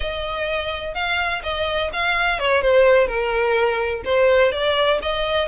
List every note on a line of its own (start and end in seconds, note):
0.00 0.94 D#5
0.94 1.42 F5
1.43 1.90 D#5
1.92 2.39 F5
2.39 2.61 C#5
2.61 3.07 C5
3.07 4.02 A#4
4.05 4.52 C5
4.52 4.99 D5
5.02 5.48 D#5